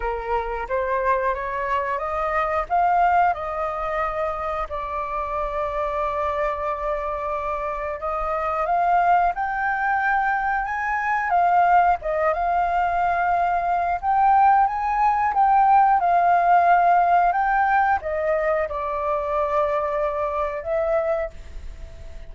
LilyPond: \new Staff \with { instrumentName = "flute" } { \time 4/4 \tempo 4 = 90 ais'4 c''4 cis''4 dis''4 | f''4 dis''2 d''4~ | d''1 | dis''4 f''4 g''2 |
gis''4 f''4 dis''8 f''4.~ | f''4 g''4 gis''4 g''4 | f''2 g''4 dis''4 | d''2. e''4 | }